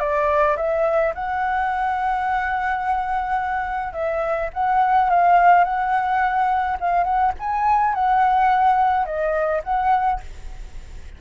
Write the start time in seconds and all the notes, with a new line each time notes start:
0.00 D5
0.57 E5
1.15 F#5
3.93 E5
4.54 F#5
5.10 F5
5.65 F#5
6.81 F5
7.04 F#5
7.40 G#5
7.95 F#5
9.06 D#5
9.64 F#5